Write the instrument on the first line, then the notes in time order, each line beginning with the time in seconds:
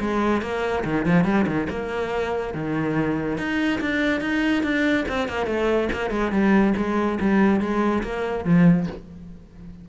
cello
0.00 G#3
0.42 A#3
0.85 D#3
1.06 F3
1.24 G3
1.47 D#3
1.70 A#3
2.54 D#3
3.38 D#4
3.81 D4
4.21 D#4
4.63 D4
5.09 C4
5.29 A#3
5.47 A3
5.93 A#3
6.11 G#3
6.32 G3
6.77 G#3
7.21 G3
7.61 G#3
8.03 A#3
8.45 F3